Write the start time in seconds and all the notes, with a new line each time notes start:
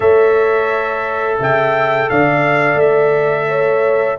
0.00 A3 A4 C#5 E5
1.39 C#3 E5 G5
2.09 D3 D5 F5
2.74 A3 E5
3.48 C#5